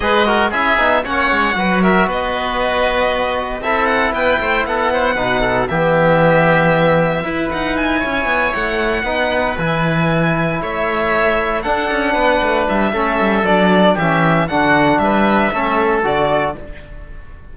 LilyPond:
<<
  \new Staff \with { instrumentName = "violin" } { \time 4/4 \tempo 4 = 116 dis''4 e''4 fis''4. e''8 | dis''2. e''8 fis''8 | g''4 fis''2 e''4~ | e''2~ e''8 fis''8 gis''4~ |
gis''8 fis''2 gis''4.~ | gis''8 e''2 fis''4.~ | fis''8 e''4. d''4 e''4 | fis''4 e''2 d''4 | }
  \new Staff \with { instrumentName = "oboe" } { \time 4/4 b'8 ais'8 gis'4 cis''4 b'8 ais'8 | b'2. a'4 | b'8 c''8 a'8 c''8 b'8 a'8 g'4~ | g'2 b'4. cis''8~ |
cis''4. b'2~ b'8~ | b'8 cis''2 a'4 b'8~ | b'4 a'2 g'4 | fis'4 b'4 a'2 | }
  \new Staff \with { instrumentName = "trombone" } { \time 4/4 gis'8 fis'8 e'8 dis'8 cis'4 fis'4~ | fis'2. e'4~ | e'2 dis'4 b4~ | b2 e'2~ |
e'4. dis'4 e'4.~ | e'2~ e'8 d'4.~ | d'4 cis'4 d'4 cis'4 | d'2 cis'4 fis'4 | }
  \new Staff \with { instrumentName = "cello" } { \time 4/4 gis4 cis'8 b8 ais8 gis8 fis4 | b2. c'4 | b8 a8 b4 b,4 e4~ | e2 e'8 dis'4 cis'8 |
b8 a4 b4 e4.~ | e8 a2 d'8 cis'8 b8 | a8 g8 a8 g8 fis4 e4 | d4 g4 a4 d4 | }
>>